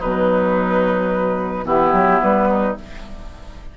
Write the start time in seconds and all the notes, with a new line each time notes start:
0.00 B2 F#3 D#4 B4
1.65 E3 B3 E4 G4
1.93 F#3
2.22 G3 B4
2.49 D#4